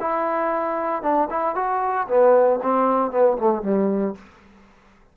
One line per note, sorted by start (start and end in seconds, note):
0.00 1.02 E4
1.02 1.29 D4
1.30 1.55 E4
1.55 2.07 F#4
2.08 2.60 B3
2.63 3.11 C4
3.11 3.37 B3
3.38 3.63 A3
3.63 4.15 G3